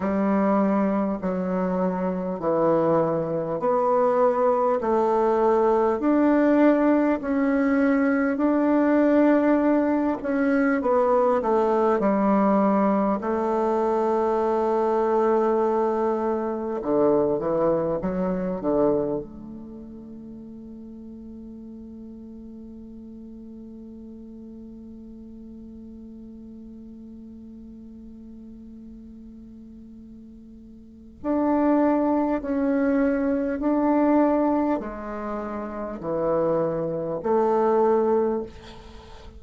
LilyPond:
\new Staff \with { instrumentName = "bassoon" } { \time 4/4 \tempo 4 = 50 g4 fis4 e4 b4 | a4 d'4 cis'4 d'4~ | d'8 cis'8 b8 a8 g4 a4~ | a2 d8 e8 fis8 d8 |
a1~ | a1~ | a2 d'4 cis'4 | d'4 gis4 e4 a4 | }